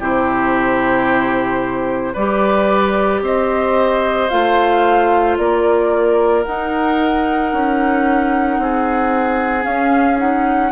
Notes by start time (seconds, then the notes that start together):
0.00 C3 E4 G4 C5
2.14 G3 G4 B4 D5
3.22 C4 C5 D#5
4.30 A3 F4 F5
5.37 A#3 A#4 D5
6.44 D#4 F#5
7.53 C#4
8.59 C4 G#4
9.62 C#4 F5
10.17 D#4 F#5